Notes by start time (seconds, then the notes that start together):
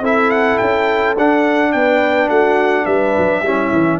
0.00 C4 E4 A4 E5
0.30 F#5
0.57 C#4 G5
1.17 D4 F#5
1.72 B3 B4 G5
2.28 A3 F#4 F#5
2.85 G3 B4 E5
3.18 F#3
3.41 G3 C#4 E4
3.72 E3